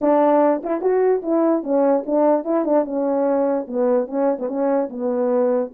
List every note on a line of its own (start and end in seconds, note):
0.01 0.62 D4
0.63 0.81 E4
0.81 1.21 F#4
1.22 1.63 E4
1.63 2.04 C#4
2.06 2.44 D4
2.44 2.64 E4
2.65 2.84 D4
2.84 3.66 C#4
3.67 4.07 B3
4.07 4.37 C#4
4.38 4.47 B3
4.47 4.88 C#4
4.89 5.71 B3